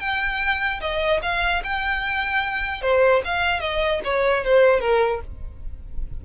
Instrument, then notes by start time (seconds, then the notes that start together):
violin
0.00 G5
0.81 D#5
1.22 F5
1.64 G5
2.82 C5
3.25 F5
3.61 D#5
4.05 C#5
4.45 C5
4.80 A#4